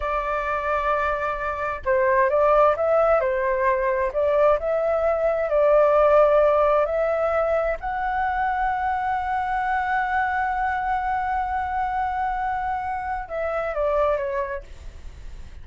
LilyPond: \new Staff \with { instrumentName = "flute" } { \time 4/4 \tempo 4 = 131 d''1 | c''4 d''4 e''4 c''4~ | c''4 d''4 e''2 | d''2. e''4~ |
e''4 fis''2.~ | fis''1~ | fis''1~ | fis''4 e''4 d''4 cis''4 | }